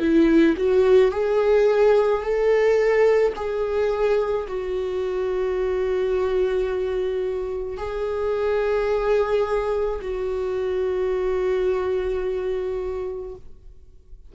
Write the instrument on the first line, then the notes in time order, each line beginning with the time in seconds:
viola
0.00 E4
0.58 F#4
1.12 G#4
2.22 A4
3.36 G#4
4.47 F#4
7.78 G#4
10.02 F#4